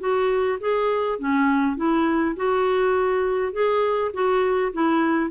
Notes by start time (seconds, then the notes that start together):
0.00 F#4
0.61 G#4
1.19 C#4
1.77 E4
2.37 F#4
3.53 G#4
4.14 F#4
4.74 E4